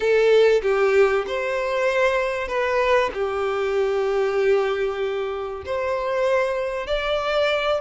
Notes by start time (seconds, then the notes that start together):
0.00 A4
0.62 G4
1.27 C5
2.48 B4
3.13 G4
5.65 C5
6.86 D5